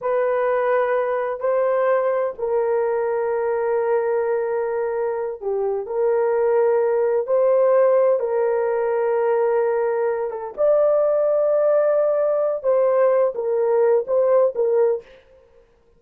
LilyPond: \new Staff \with { instrumentName = "horn" } { \time 4/4 \tempo 4 = 128 b'2. c''4~ | c''4 ais'2.~ | ais'2.~ ais'8 g'8~ | g'8 ais'2. c''8~ |
c''4. ais'2~ ais'8~ | ais'2 a'8 d''4.~ | d''2. c''4~ | c''8 ais'4. c''4 ais'4 | }